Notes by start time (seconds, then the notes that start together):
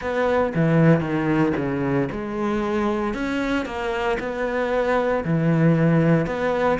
0.01 B3
0.54 E3
1.00 D#3
1.57 C#3
2.11 G#3
3.14 C#4
3.65 A#3
4.19 B3
5.24 E3
6.26 B3